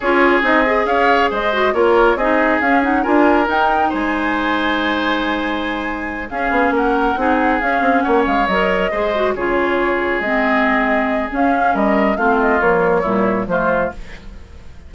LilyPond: <<
  \new Staff \with { instrumentName = "flute" } { \time 4/4 \tempo 4 = 138 cis''4 dis''4 f''4 dis''4 | cis''4 dis''4 f''8 fis''8 gis''4 | g''4 gis''2.~ | gis''2~ gis''8 f''4 fis''8~ |
fis''4. f''4 fis''8 f''8 dis''8~ | dis''4. cis''2 dis''8~ | dis''2 f''4 dis''4 | f''8 dis''8 cis''2 c''4 | }
  \new Staff \with { instrumentName = "oboe" } { \time 4/4 gis'2 cis''4 c''4 | ais'4 gis'2 ais'4~ | ais'4 c''2.~ | c''2~ c''8 gis'4 ais'8~ |
ais'8 gis'2 cis''4.~ | cis''8 c''4 gis'2~ gis'8~ | gis'2. ais'4 | f'2 e'4 f'4 | }
  \new Staff \with { instrumentName = "clarinet" } { \time 4/4 f'4 dis'8 gis'2 fis'8 | f'4 dis'4 cis'8 dis'8 f'4 | dis'1~ | dis'2~ dis'8 cis'4.~ |
cis'8 dis'4 cis'2 ais'8~ | ais'8 gis'8 fis'8 f'2 c'8~ | c'2 cis'2 | c'4 f4 g4 a4 | }
  \new Staff \with { instrumentName = "bassoon" } { \time 4/4 cis'4 c'4 cis'4 gis4 | ais4 c'4 cis'4 d'4 | dis'4 gis2.~ | gis2~ gis8 cis'8 b8 ais8~ |
ais8 c'4 cis'8 c'8 ais8 gis8 fis8~ | fis8 gis4 cis2 gis8~ | gis2 cis'4 g4 | a4 ais4 ais,4 f4 | }
>>